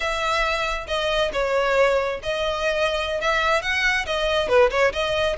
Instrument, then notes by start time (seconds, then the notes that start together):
violin
0.00 E5
0.87 D#5
1.32 C#5
2.22 D#5
3.20 E5
3.61 F#5
4.06 D#5
4.48 B4
4.70 C#5
4.92 D#5